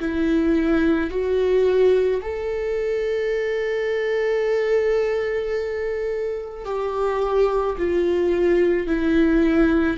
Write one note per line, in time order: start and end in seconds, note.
0.00 1.10 E4
1.10 2.21 F#4
2.22 6.65 A4
6.65 7.76 G4
7.78 8.87 F4
8.87 9.97 E4